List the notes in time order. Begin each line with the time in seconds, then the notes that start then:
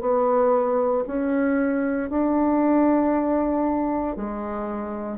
0.00 B3
1.07 C#4
2.09 D4
4.16 G#3